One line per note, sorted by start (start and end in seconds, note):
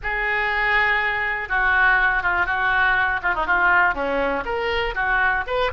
0.02 1.48 G#4
1.48 2.22 F#4
2.22 2.45 F4
2.45 3.20 F#4
3.22 3.34 F4
3.34 3.46 D#4
3.46 3.94 F4
3.94 4.44 C#4
4.45 4.94 A#4
4.94 5.44 F#4
5.47 5.71 B4